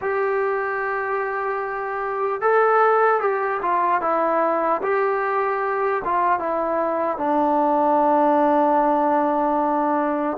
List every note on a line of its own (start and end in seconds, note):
0.01 2.41 G4
2.41 3.20 A4
3.20 3.60 G4
3.61 4.01 F4
4.01 4.81 E4
4.82 6.02 G4
6.04 6.39 F4
6.39 7.17 E4
7.17 10.37 D4